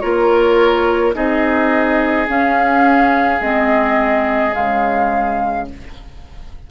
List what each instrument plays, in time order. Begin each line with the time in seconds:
0.00 bassoon A#3, clarinet F4, oboe A#4, flute C#5
1.13 bassoon C4, clarinet D#4, oboe G#4, flute D#5
2.28 clarinet C#4, bassoon C#4, flute F5
3.40 bassoon G#3, clarinet C4, flute D#5
4.52 bassoon C#3, clarinet G#3, flute F5